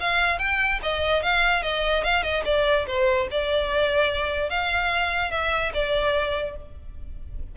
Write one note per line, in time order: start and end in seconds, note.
0.00 0.39 F5
0.39 0.80 G5
0.83 1.22 D#5
1.22 1.63 F5
1.63 2.04 D#5
2.04 2.23 F5
2.23 2.43 D#5
2.45 2.86 D5
2.87 3.28 C5
3.31 4.50 D5
4.50 5.31 F5
5.31 5.72 E5
5.74 6.56 D5